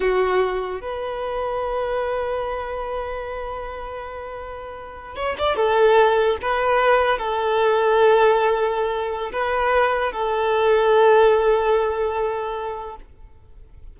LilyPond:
\new Staff \with { instrumentName = "violin" } { \time 4/4 \tempo 4 = 148 fis'2 b'2~ | b'1~ | b'1~ | b'8. cis''8 d''8 a'2 b'16~ |
b'4.~ b'16 a'2~ a'16~ | a'2. b'4~ | b'4 a'2.~ | a'1 | }